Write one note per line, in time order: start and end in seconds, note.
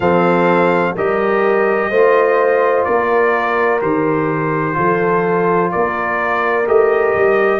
0.00 0.95 F3
0.00 0.96 C4
0.00 0.94 A4
0.00 0.95 F5
0.95 1.90 G3
0.95 1.91 G4
0.95 1.90 A#4
0.95 2.84 D#5
1.90 2.85 A3
1.90 3.81 F4
1.90 2.85 C5
2.84 3.82 A#3
2.84 4.76 A#4
2.84 3.79 D5
3.81 4.77 D#3
3.81 4.73 G4
3.81 5.71 C5
4.73 5.73 F3
4.73 6.64 F4
4.73 5.71 A4
5.71 6.67 A#3
5.71 7.60 A#4
5.71 6.66 D5
6.67 7.14 A3
6.67 7.60 G4
6.67 7.60 D#5
7.15 7.60 G3